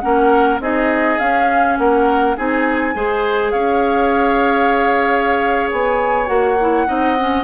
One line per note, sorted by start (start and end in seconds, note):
0.00 0.59 A#3
0.00 0.59 C#4
0.00 0.61 A#4
0.00 0.58 F#5
0.59 1.18 C4
0.59 1.19 D#4
0.59 1.78 G#4
0.59 1.19 D#5
1.19 1.78 C#4
1.19 2.36 C#4
1.19 1.77 F5
1.78 2.37 A#3
1.78 2.36 A#4
1.78 2.36 F#5
2.36 2.95 C4
2.36 2.95 D#4
2.36 2.95 G#4
2.36 3.51 G#5
2.95 3.53 G#3
2.95 6.26 G#4
2.95 3.52 C5
3.51 5.72 C#4
3.51 6.87 C#5
3.51 5.69 F5
5.72 6.29 B3
5.72 6.27 G#5
6.26 6.87 A#3
6.26 6.56 F#4
6.26 7.44 F#5
6.61 6.87 E4
6.87 7.44 C4
6.87 7.16 D#4
6.87 7.44 D#5
7.19 7.44 C#4